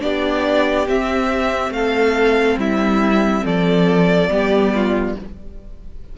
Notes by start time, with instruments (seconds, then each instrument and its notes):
0.00 cello B3, viola D4, violin G4 D5
0.87 cello C4, viola C4, violin E5
1.70 cello A3, violin A4 F5
2.57 cello G3, violin E4 E5
3.45 cello F3, violin A4 D5
4.29 cello G3, viola B3, violin G4
4.75 violin F4